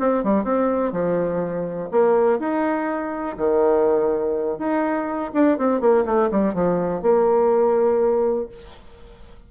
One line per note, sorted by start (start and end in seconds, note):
0.00 0.24 C4
0.24 0.44 G3
0.44 0.92 C4
0.92 1.90 F3
1.92 2.40 A#3
2.40 3.37 D#4
3.37 4.59 D#3
4.59 5.32 D#4
5.34 5.58 D4
5.58 5.81 C4
5.81 6.05 A#3
6.06 6.30 A3
6.31 6.55 G3
6.55 7.02 F3
7.02 8.49 A#3